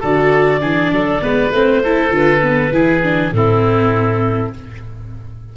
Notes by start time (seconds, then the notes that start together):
0.00 D3 F#4 A4 D5
0.60 E3 D4 G#4
0.92 F#3 A4
1.21 G#3 B3 B4
1.51 A3 C4 C5
1.83 E4 A4
2.10 D3 F4 B4
2.42 B3
2.72 E3 E4 G#4
3.02 D4
3.32 A2 C4 E4 A4